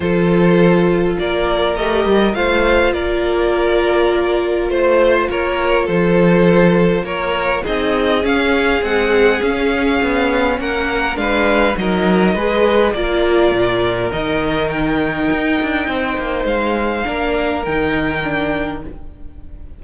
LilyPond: <<
  \new Staff \with { instrumentName = "violin" } { \time 4/4 \tempo 4 = 102 c''2 d''4 dis''4 | f''4 d''2. | c''4 cis''4 c''2 | cis''4 dis''4 f''4 fis''4 |
f''2 fis''4 f''4 | dis''2 d''2 | dis''4 g''2. | f''2 g''2 | }
  \new Staff \with { instrumentName = "violin" } { \time 4/4 a'2 ais'2 | c''4 ais'2. | c''4 ais'4 a'2 | ais'4 gis'2.~ |
gis'2 ais'4 b'4 | ais'4 b'4 ais'2~ | ais'2. c''4~ | c''4 ais'2. | }
  \new Staff \with { instrumentName = "viola" } { \time 4/4 f'2. g'4 | f'1~ | f'1~ | f'4 dis'4 cis'4 gis4 |
cis'2. d'4 | dis'4 gis'4 f'2 | dis'1~ | dis'4 d'4 dis'4 d'4 | }
  \new Staff \with { instrumentName = "cello" } { \time 4/4 f2 ais4 a8 g8 | a4 ais2. | a4 ais4 f2 | ais4 c'4 cis'4 c'4 |
cis'4 b4 ais4 gis4 | fis4 gis4 ais4 ais,4 | dis2 dis'8 d'8 c'8 ais8 | gis4 ais4 dis2 | }
>>